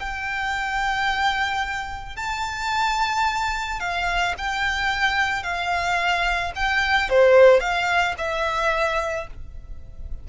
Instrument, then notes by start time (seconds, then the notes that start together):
violin
0.00 G5
2.16 A5
3.80 F5
4.38 G5
5.43 F5
6.56 G5
7.10 C5
7.60 F5
8.18 E5